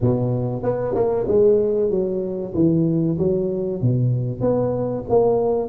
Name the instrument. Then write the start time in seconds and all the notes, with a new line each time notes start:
tuba
0.00 B2
0.62 B3
0.94 A#3
1.27 G#3
1.90 F#3
2.54 E3
3.18 F#3
3.81 B2
4.40 B3
5.09 A#3